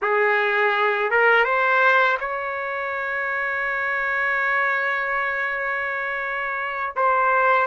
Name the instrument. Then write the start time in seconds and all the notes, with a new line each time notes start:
trumpet
0.02 G#4
1.10 A#4
1.44 C5
2.20 C#5
6.96 C5